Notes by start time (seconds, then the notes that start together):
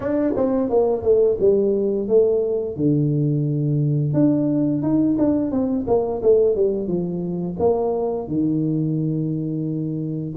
0.00 D4
0.36 C4
0.69 A#3
1.02 A3
1.39 G3
2.08 A3
2.76 D3
4.13 D4
4.82 D#4
5.18 D4
5.51 C4
5.87 A#3
6.22 A3
6.55 G3
6.87 F3
7.59 A#3
8.27 D#3